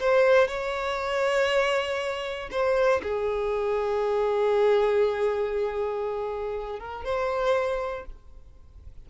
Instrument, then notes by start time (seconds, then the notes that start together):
violin
0.00 C5
0.48 C#5
2.51 C5
3.03 G#4
6.80 A#4
7.05 C5